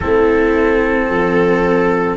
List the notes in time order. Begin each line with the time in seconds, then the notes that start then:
0.00 A3 C4 E4 A4
1.09 F3 A4